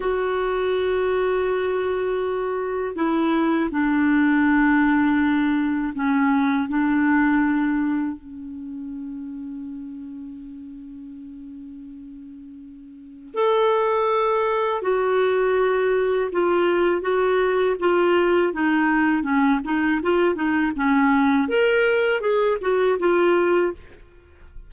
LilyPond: \new Staff \with { instrumentName = "clarinet" } { \time 4/4 \tempo 4 = 81 fis'1 | e'4 d'2. | cis'4 d'2 cis'4~ | cis'1~ |
cis'2 a'2 | fis'2 f'4 fis'4 | f'4 dis'4 cis'8 dis'8 f'8 dis'8 | cis'4 ais'4 gis'8 fis'8 f'4 | }